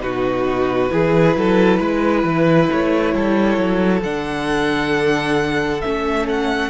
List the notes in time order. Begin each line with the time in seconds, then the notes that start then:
0.00 B2 D#4 F#4 B4
0.89 E3 E4 G#4
1.36 F#3 A4
1.79 G#3 B4
2.24 E3
2.71 A3 C#5
3.14 G3 A4
3.57 F#3
4.02 D3 D4 F#5
5.81 A3 C#4 E5
6.28 F#5